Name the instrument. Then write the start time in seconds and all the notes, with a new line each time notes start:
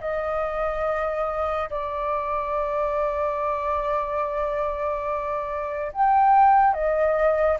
flute
0.00 D#5
1.70 D5
5.92 G5
6.73 D#5